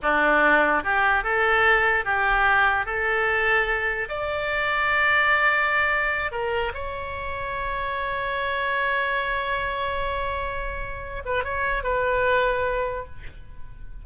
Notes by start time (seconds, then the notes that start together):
0.02 D4
0.83 G4
1.23 A4
2.04 G4
2.85 A4
4.08 D5
6.31 A#4
6.73 C#5
11.25 B4
11.44 C#5
11.83 B4